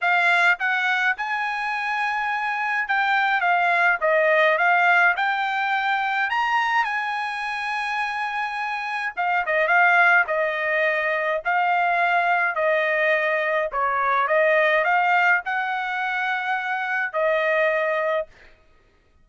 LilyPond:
\new Staff \with { instrumentName = "trumpet" } { \time 4/4 \tempo 4 = 105 f''4 fis''4 gis''2~ | gis''4 g''4 f''4 dis''4 | f''4 g''2 ais''4 | gis''1 |
f''8 dis''8 f''4 dis''2 | f''2 dis''2 | cis''4 dis''4 f''4 fis''4~ | fis''2 dis''2 | }